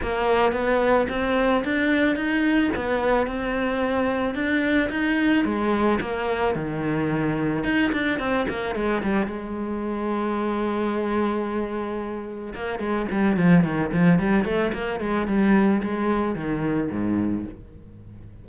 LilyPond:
\new Staff \with { instrumentName = "cello" } { \time 4/4 \tempo 4 = 110 ais4 b4 c'4 d'4 | dis'4 b4 c'2 | d'4 dis'4 gis4 ais4 | dis2 dis'8 d'8 c'8 ais8 |
gis8 g8 gis2.~ | gis2. ais8 gis8 | g8 f8 dis8 f8 g8 a8 ais8 gis8 | g4 gis4 dis4 gis,4 | }